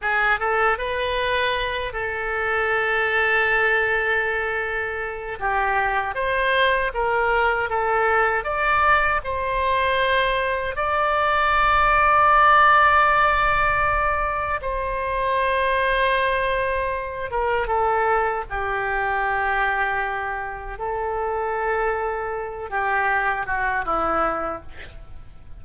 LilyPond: \new Staff \with { instrumentName = "oboe" } { \time 4/4 \tempo 4 = 78 gis'8 a'8 b'4. a'4.~ | a'2. g'4 | c''4 ais'4 a'4 d''4 | c''2 d''2~ |
d''2. c''4~ | c''2~ c''8 ais'8 a'4 | g'2. a'4~ | a'4. g'4 fis'8 e'4 | }